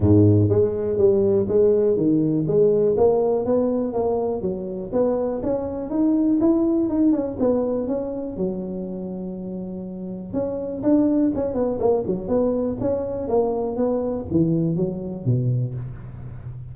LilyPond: \new Staff \with { instrumentName = "tuba" } { \time 4/4 \tempo 4 = 122 gis,4 gis4 g4 gis4 | dis4 gis4 ais4 b4 | ais4 fis4 b4 cis'4 | dis'4 e'4 dis'8 cis'8 b4 |
cis'4 fis2.~ | fis4 cis'4 d'4 cis'8 b8 | ais8 fis8 b4 cis'4 ais4 | b4 e4 fis4 b,4 | }